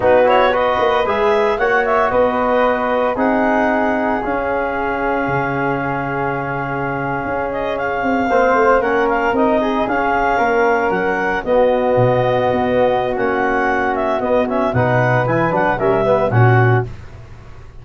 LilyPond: <<
  \new Staff \with { instrumentName = "clarinet" } { \time 4/4 \tempo 4 = 114 b'8 cis''8 dis''4 e''4 fis''8 e''8 | dis''2 fis''2 | f''1~ | f''2~ f''16 dis''8 f''4~ f''16~ |
f''8. fis''8 f''8 dis''4 f''4~ f''16~ | f''8. fis''4 dis''2~ dis''16~ | dis''4 fis''4. e''8 dis''8 e''8 | fis''4 gis''8 fis''8 e''4 fis''4 | }
  \new Staff \with { instrumentName = "flute" } { \time 4/4 fis'4 b'2 cis''4 | b'2 gis'2~ | gis'1~ | gis'2.~ gis'8. c''16~ |
c''8. ais'4. gis'4. ais'16~ | ais'4.~ ais'16 fis'2~ fis'16~ | fis'1 | b'2 ais'8 b'8 fis'4 | }
  \new Staff \with { instrumentName = "trombone" } { \time 4/4 dis'8 e'8 fis'4 gis'4 fis'4~ | fis'2 dis'2 | cis'1~ | cis'2.~ cis'8. c'16~ |
c'8. cis'4 dis'4 cis'4~ cis'16~ | cis'4.~ cis'16 b2~ b16~ | b4 cis'2 b8 cis'8 | dis'4 e'8 d'8 cis'8 b8 cis'4 | }
  \new Staff \with { instrumentName = "tuba" } { \time 4/4 b4. ais8 gis4 ais4 | b2 c'2 | cis'2 cis2~ | cis4.~ cis16 cis'4. c'8 ais16~ |
ais16 a8 ais4 c'4 cis'4 ais16~ | ais8. fis4 b4 b,4 b16~ | b4 ais2 b4 | b,4 e8 fis8 g4 ais,4 | }
>>